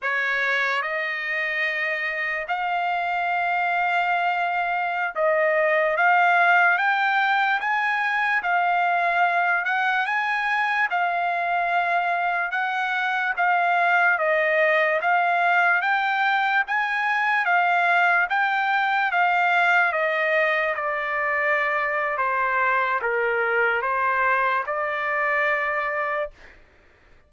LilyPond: \new Staff \with { instrumentName = "trumpet" } { \time 4/4 \tempo 4 = 73 cis''4 dis''2 f''4~ | f''2~ f''16 dis''4 f''8.~ | f''16 g''4 gis''4 f''4. fis''16~ | fis''16 gis''4 f''2 fis''8.~ |
fis''16 f''4 dis''4 f''4 g''8.~ | g''16 gis''4 f''4 g''4 f''8.~ | f''16 dis''4 d''4.~ d''16 c''4 | ais'4 c''4 d''2 | }